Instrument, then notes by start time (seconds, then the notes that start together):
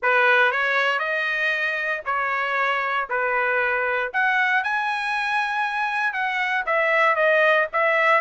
trumpet
0.02 B4
0.51 C#5
0.99 D#5
2.05 C#5
3.09 B4
4.13 F#5
4.63 G#5
6.13 F#5
6.65 E5
7.15 D#5
7.72 E5